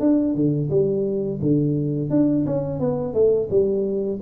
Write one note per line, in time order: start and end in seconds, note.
0.00 0.35 D4
0.35 0.69 D3
0.70 1.40 G3
1.42 2.10 D3
2.10 2.45 D4
2.46 2.80 C#4
2.80 3.14 B3
3.14 3.49 A3
3.50 4.20 G3